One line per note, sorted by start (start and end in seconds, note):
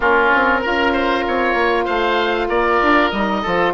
0.00 0.30 A#3
0.00 0.61 C#4
0.00 0.61 F4
0.00 1.85 A#4
0.34 0.65 C4
0.61 1.27 C#4
0.61 3.12 F4
0.61 0.92 A#4
0.92 1.24 C5
1.27 1.54 C4
1.27 1.84 C#5
1.54 1.85 A#3
1.84 2.49 A3
1.84 2.47 C5
1.84 2.47 F5
2.48 2.80 A#3
2.48 3.41 A#4
2.48 3.10 D5
2.82 3.12 D4
3.10 3.43 G3
3.10 3.44 D#4
3.10 3.73 D#5
3.41 3.73 F3
3.41 3.73 F4
3.41 3.73 A4